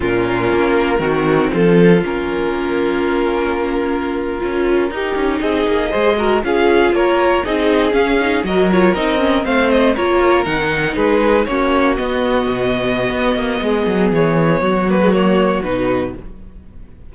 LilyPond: <<
  \new Staff \with { instrumentName = "violin" } { \time 4/4 \tempo 4 = 119 ais'2. a'4 | ais'1~ | ais'2~ ais'8. dis''4~ dis''16~ | dis''8. f''4 cis''4 dis''4 f''16~ |
f''8. dis''8 cis''8 dis''4 f''8 dis''8 cis''16~ | cis''8. fis''4 b'4 cis''4 dis''16~ | dis''1 | cis''4. b'8 cis''4 b'4 | }
  \new Staff \with { instrumentName = "violin" } { \time 4/4 f'2 fis'4 f'4~ | f'1~ | f'4.~ f'16 g'4 gis'4 c''16~ | c''16 ais'8 gis'4 ais'4 gis'4~ gis'16~ |
gis'8. ais'2 c''4 ais'16~ | ais'4.~ ais'16 gis'4 fis'4~ fis'16~ | fis'2. gis'4~ | gis'4 fis'2. | }
  \new Staff \with { instrumentName = "viola" } { \time 4/4 cis'2 c'2 | cis'1~ | cis'8. f'4 dis'2 gis'16~ | gis'16 fis'8 f'2 dis'4 cis'16~ |
cis'16 dis'8 fis'8 f'8 dis'8 cis'8 c'4 f'16~ | f'8. dis'2 cis'4 b16~ | b1~ | b4. ais16 gis16 ais4 dis'4 | }
  \new Staff \with { instrumentName = "cello" } { \time 4/4 ais,4 ais4 dis4 f4 | ais1~ | ais8. cis'4 dis'8 cis'8 c'8 ais8 gis16~ | gis8. cis'4 ais4 c'4 cis'16~ |
cis'8. fis4 c'4 a4 ais16~ | ais8. dis4 gis4 ais4 b16~ | b8. b,4~ b,16 b8 ais8 gis8 fis8 | e4 fis2 b,4 | }
>>